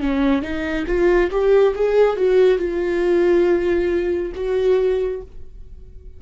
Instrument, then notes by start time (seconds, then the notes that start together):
viola
0.00 C#4
0.42 D#4
0.87 F4
1.30 G4
1.75 G#4
2.16 F#4
2.58 F4
4.35 F#4